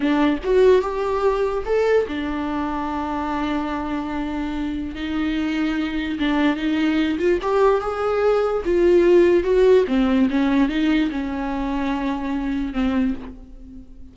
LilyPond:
\new Staff \with { instrumentName = "viola" } { \time 4/4 \tempo 4 = 146 d'4 fis'4 g'2 | a'4 d'2.~ | d'1 | dis'2. d'4 |
dis'4. f'8 g'4 gis'4~ | gis'4 f'2 fis'4 | c'4 cis'4 dis'4 cis'4~ | cis'2. c'4 | }